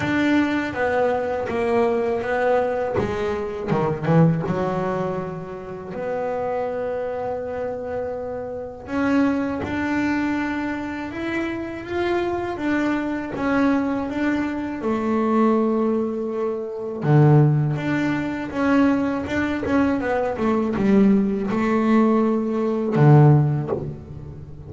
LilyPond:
\new Staff \with { instrumentName = "double bass" } { \time 4/4 \tempo 4 = 81 d'4 b4 ais4 b4 | gis4 dis8 e8 fis2 | b1 | cis'4 d'2 e'4 |
f'4 d'4 cis'4 d'4 | a2. d4 | d'4 cis'4 d'8 cis'8 b8 a8 | g4 a2 d4 | }